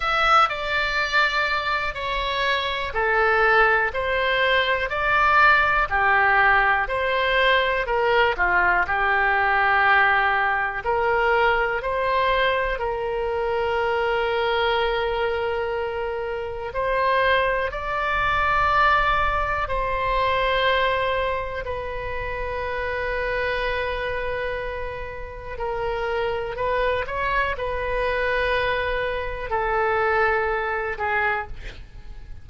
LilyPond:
\new Staff \with { instrumentName = "oboe" } { \time 4/4 \tempo 4 = 61 e''8 d''4. cis''4 a'4 | c''4 d''4 g'4 c''4 | ais'8 f'8 g'2 ais'4 | c''4 ais'2.~ |
ais'4 c''4 d''2 | c''2 b'2~ | b'2 ais'4 b'8 cis''8 | b'2 a'4. gis'8 | }